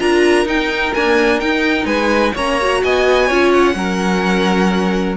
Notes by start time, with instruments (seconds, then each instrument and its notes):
0.00 cello D4, viola F4, violin A#4 A#5
0.46 viola D#4, cello D#4, violin G5
0.94 viola A#3, cello D4, violin G#5
1.40 viola D#4, cello D#4, violin G5
1.85 cello G#3, violin B4 G#5
2.35 cello A#3, viola C#4, violin C#5 A#5
2.61 viola F#4
2.84 cello B3, violin D#5 G#5
3.27 cello C#4, viola F4, violin C#5
3.52 violin F#5
3.74 cello F#3, viola C#4, violin A#4